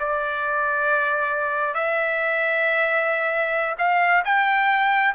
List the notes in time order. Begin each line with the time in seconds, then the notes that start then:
0.00 D5
1.75 E5
3.79 F5
4.25 G5